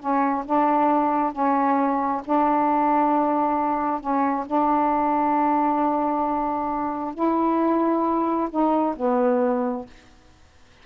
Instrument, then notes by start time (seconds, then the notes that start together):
saxophone
0.00 C#4
0.46 D4
1.32 C#4
2.25 D4
4.01 C#4
4.47 D4
7.15 E4
8.51 D#4
8.97 B3